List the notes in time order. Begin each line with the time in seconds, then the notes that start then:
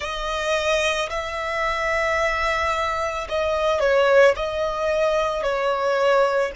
0.00 D#5
1.09 E5
3.28 D#5
3.80 C#5
4.35 D#5
5.42 C#5